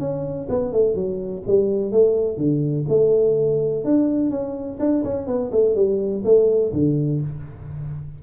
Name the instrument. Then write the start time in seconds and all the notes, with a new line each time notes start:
tuba
0.00 C#4
0.50 B3
0.73 A3
0.95 F#3
1.47 G3
1.92 A3
2.38 D3
2.89 A3
3.85 D4
4.31 C#4
4.80 D4
5.04 C#4
5.27 B3
5.52 A3
5.76 G3
6.25 A3
6.73 D3